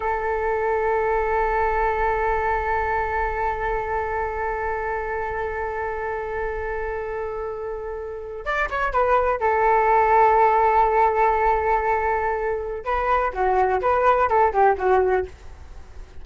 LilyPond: \new Staff \with { instrumentName = "flute" } { \time 4/4 \tempo 4 = 126 a'1~ | a'1~ | a'1~ | a'1~ |
a'4.~ a'16 d''8 cis''8 b'4 a'16~ | a'1~ | a'2. b'4 | fis'4 b'4 a'8 g'8 fis'4 | }